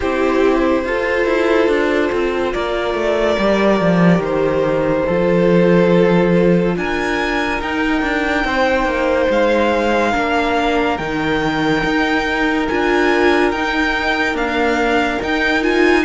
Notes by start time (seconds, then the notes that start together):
0.00 C4 E4 G4 C5
0.84 F4 A4
1.25 E4
1.68 D4
2.11 C4
2.53 A#3 A#4 D5
2.94 A3
3.38 G3 G4
3.80 F3
4.18 D#3 C5
5.06 F3 F4 A4
6.76 D4 A#4 G#5
7.61 D#4 G5
8.02 D4
8.44 C4 C5
8.84 A#3
9.29 G#3 F5
10.11 A#3 D4 A#4
10.97 D#3 D#4 G5
11.84 D#4
12.68 D4 F4 G#5
13.51 D#4 G5
14.33 A#3 D4 F5
15.20 D#4 G5
15.61 F4 G#5